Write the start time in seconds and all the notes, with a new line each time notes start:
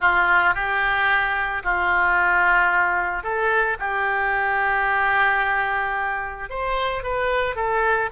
0.00 F4
0.54 G4
1.63 F4
3.23 A4
3.79 G4
6.49 C5
7.03 B4
7.55 A4